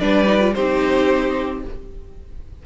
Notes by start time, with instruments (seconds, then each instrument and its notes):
0.00 cello G3, viola D4, violin B4 D5
0.27 viola D#4
0.41 viola F4
0.54 cello C4, viola D#4, violin G4 C5